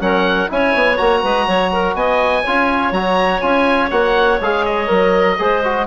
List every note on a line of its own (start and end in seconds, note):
0.00 0.49 F#3
0.00 0.49 C#4
0.00 0.51 A#4
0.00 0.50 F#5
0.49 0.75 C#4
0.49 0.98 E4
0.49 1.23 C#5
0.49 0.98 G#5
0.75 0.99 B3
0.98 1.24 A#3
0.98 2.44 F#4
0.98 1.95 A#5
1.23 1.48 G#3
1.23 1.47 B4
1.48 1.95 F#3
1.48 1.72 C#5
1.73 1.97 A#4
1.95 2.44 B3
1.95 2.44 D#5
1.95 2.93 G#5
2.44 2.92 C#4
2.44 2.94 F4
2.44 5.36 C#5
2.92 3.41 F#3
2.92 3.42 F#4
2.92 3.41 A#5
3.41 3.92 C#4
3.41 3.91 F4
3.41 3.90 G#5
3.91 4.40 A#3
3.91 4.40 F#4
3.91 4.40 F#5
4.41 4.90 G#3
4.41 4.87 G#4
4.41 4.66 F5
4.66 5.88 D#5
4.87 5.39 F#3
4.87 5.36 A#4
5.39 5.88 G#3
5.39 5.63 G#4
5.39 5.88 C5
5.65 5.88 F#4